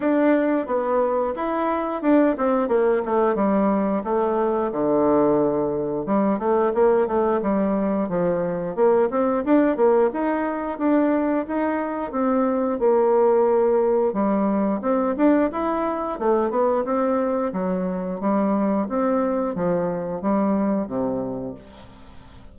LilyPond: \new Staff \with { instrumentName = "bassoon" } { \time 4/4 \tempo 4 = 89 d'4 b4 e'4 d'8 c'8 | ais8 a8 g4 a4 d4~ | d4 g8 a8 ais8 a8 g4 | f4 ais8 c'8 d'8 ais8 dis'4 |
d'4 dis'4 c'4 ais4~ | ais4 g4 c'8 d'8 e'4 | a8 b8 c'4 fis4 g4 | c'4 f4 g4 c4 | }